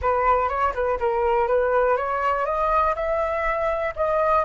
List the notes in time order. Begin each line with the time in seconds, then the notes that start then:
0.01 B4
0.48 C#5
0.74 B4
0.99 A#4
1.47 B4
1.96 C#5
2.45 D#5
2.95 E5
3.96 D#5